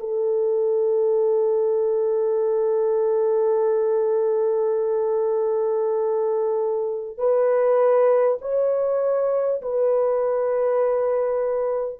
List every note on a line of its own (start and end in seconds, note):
0.00 7.18 A4
7.18 8.38 B4
8.42 9.62 C#5
9.62 12.00 B4